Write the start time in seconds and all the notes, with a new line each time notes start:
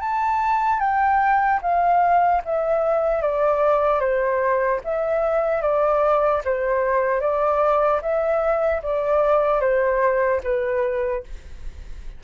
0.00 A5
0.80 G5
1.61 F5
2.44 E5
3.21 D5
4.00 C5
4.84 E5
5.61 D5
6.44 C5
7.20 D5
8.01 E5
8.82 D5
9.60 C5
10.43 B4